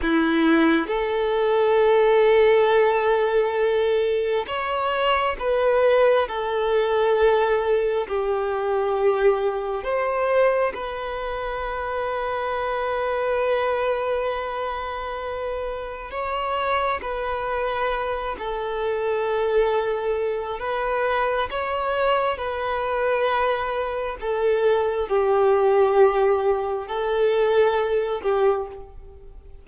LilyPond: \new Staff \with { instrumentName = "violin" } { \time 4/4 \tempo 4 = 67 e'4 a'2.~ | a'4 cis''4 b'4 a'4~ | a'4 g'2 c''4 | b'1~ |
b'2 cis''4 b'4~ | b'8 a'2~ a'8 b'4 | cis''4 b'2 a'4 | g'2 a'4. g'8 | }